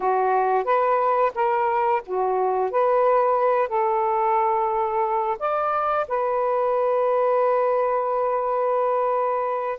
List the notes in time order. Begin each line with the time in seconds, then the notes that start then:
0.00 F#4
0.64 B4
1.34 A#4
2.06 F#4
2.71 B4
3.68 A4
5.39 D5
6.08 B4